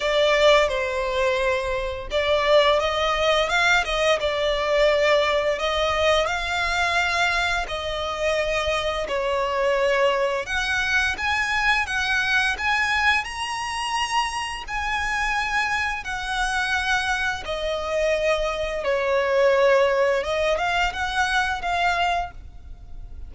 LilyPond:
\new Staff \with { instrumentName = "violin" } { \time 4/4 \tempo 4 = 86 d''4 c''2 d''4 | dis''4 f''8 dis''8 d''2 | dis''4 f''2 dis''4~ | dis''4 cis''2 fis''4 |
gis''4 fis''4 gis''4 ais''4~ | ais''4 gis''2 fis''4~ | fis''4 dis''2 cis''4~ | cis''4 dis''8 f''8 fis''4 f''4 | }